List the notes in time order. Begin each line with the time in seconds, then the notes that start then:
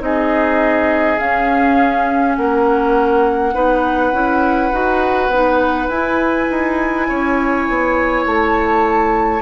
0.00 C4 D#4 G#4 D#5
1.19 C#4 F5
2.36 A#3 A#4 F#5
3.55 B3 D#4 B4
4.12 C#4 E4
4.72 D#4 F#4
5.29 B3 D#4
5.88 E4 G#5
6.50 D#4
7.09 C#4 C#5
7.69 B3
8.26 A3 A5